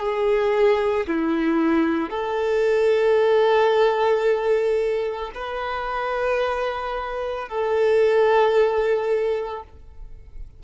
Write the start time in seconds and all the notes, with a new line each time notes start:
0.00 G#4
1.07 E4
2.10 A4
5.35 B4
7.49 A4